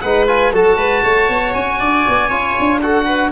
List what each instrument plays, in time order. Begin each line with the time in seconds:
0.00 tuba G#3, trombone D#4, viola B4, oboe F#5
0.27 trombone F4, oboe G#5
0.52 tuba F#3, trombone F#4, viola A4, oboe A5
0.77 tuba G#3, viola B4
1.03 tuba A3, viola C#5
1.28 tuba B3
1.53 tuba C#4, oboe G#5
1.79 tuba D4, viola D5
2.08 tuba B3
2.28 tuba C#4, trombone F4, viola C#5
2.59 tuba D4
2.81 trombone F#4, viola A4, oboe F#5
3.05 viola B4